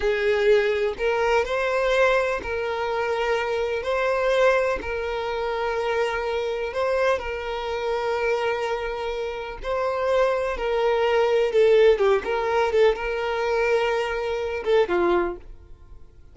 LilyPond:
\new Staff \with { instrumentName = "violin" } { \time 4/4 \tempo 4 = 125 gis'2 ais'4 c''4~ | c''4 ais'2. | c''2 ais'2~ | ais'2 c''4 ais'4~ |
ais'1 | c''2 ais'2 | a'4 g'8 ais'4 a'8 ais'4~ | ais'2~ ais'8 a'8 f'4 | }